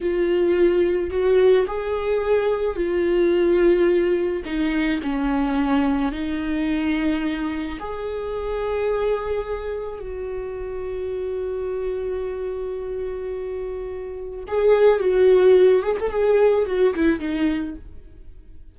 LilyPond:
\new Staff \with { instrumentName = "viola" } { \time 4/4 \tempo 4 = 108 f'2 fis'4 gis'4~ | gis'4 f'2. | dis'4 cis'2 dis'4~ | dis'2 gis'2~ |
gis'2 fis'2~ | fis'1~ | fis'2 gis'4 fis'4~ | fis'8 gis'16 a'16 gis'4 fis'8 e'8 dis'4 | }